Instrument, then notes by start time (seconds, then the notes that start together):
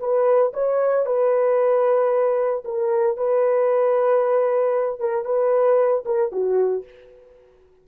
horn
0.00 B4
0.54 C#5
1.06 B4
2.65 A#4
3.17 B4
5.00 A#4
5.26 B4
6.06 A#4
6.32 F#4